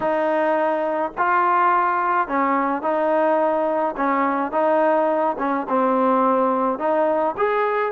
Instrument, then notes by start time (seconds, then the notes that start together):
trombone
0.00 D#4
1.17 F4
2.27 C#4
2.81 D#4
3.96 C#4
4.51 D#4
5.38 C#4
5.69 C4
6.78 D#4
7.37 G#4